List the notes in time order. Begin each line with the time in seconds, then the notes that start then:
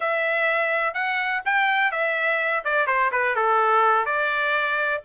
0.00 E5
0.94 F#5
1.45 G5
1.91 E5
2.64 D5
2.86 C5
3.11 B4
3.35 A4
4.05 D5